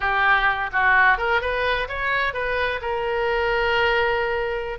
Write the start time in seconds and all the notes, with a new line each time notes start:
0.00 G4
0.72 F#4
1.17 A#4
1.41 B4
1.88 C#5
2.33 B4
2.81 A#4